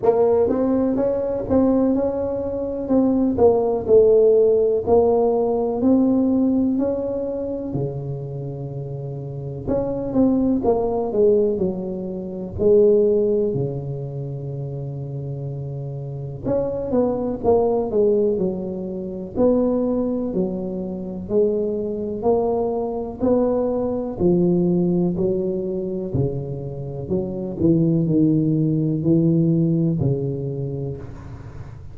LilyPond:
\new Staff \with { instrumentName = "tuba" } { \time 4/4 \tempo 4 = 62 ais8 c'8 cis'8 c'8 cis'4 c'8 ais8 | a4 ais4 c'4 cis'4 | cis2 cis'8 c'8 ais8 gis8 | fis4 gis4 cis2~ |
cis4 cis'8 b8 ais8 gis8 fis4 | b4 fis4 gis4 ais4 | b4 f4 fis4 cis4 | fis8 e8 dis4 e4 cis4 | }